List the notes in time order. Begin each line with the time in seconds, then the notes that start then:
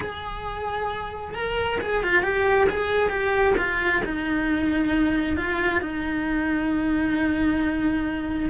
0.00 G#4
1.34 A#4
1.81 G#4
2.03 F4
2.23 G4
2.69 G#4
3.09 G4
3.57 F4
4.05 D#4
5.36 F4
5.81 D#4